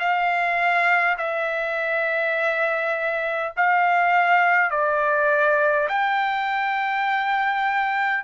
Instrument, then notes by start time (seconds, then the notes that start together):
trumpet
0.00 F5
1.18 E5
3.57 F5
4.71 D5
5.89 G5